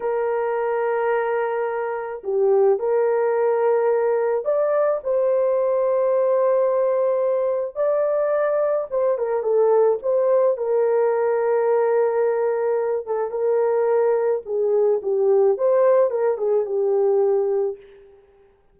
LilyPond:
\new Staff \with { instrumentName = "horn" } { \time 4/4 \tempo 4 = 108 ais'1 | g'4 ais'2. | d''4 c''2.~ | c''2 d''2 |
c''8 ais'8 a'4 c''4 ais'4~ | ais'2.~ ais'8 a'8 | ais'2 gis'4 g'4 | c''4 ais'8 gis'8 g'2 | }